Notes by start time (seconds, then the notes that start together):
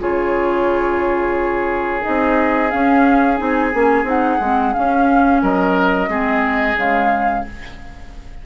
0.00 C#3 F4 G#4 C#5
2.02 C4 D#4 D#5
2.71 C#4 F5
3.37 C4 D#4 G#5
3.74 A#3 C#4
4.04 C4 D#4 F#5
4.41 G#3 C4
4.74 C#4 F5
5.42 F#3 A#4 D#5
6.08 G#3 C4 G#4
6.75 C#3 G#3 F5